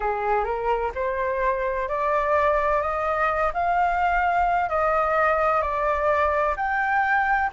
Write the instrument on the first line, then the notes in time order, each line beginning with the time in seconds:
flute
0.00 G#4
0.44 A#4
0.94 C5
1.88 D5
2.81 D#5
3.53 F5
4.69 D#5
5.61 D5
6.56 G5